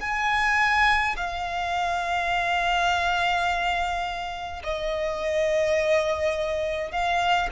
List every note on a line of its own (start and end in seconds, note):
0.00 1.15 G#5
1.16 4.62 F5
4.63 6.91 D#5
6.91 7.49 F5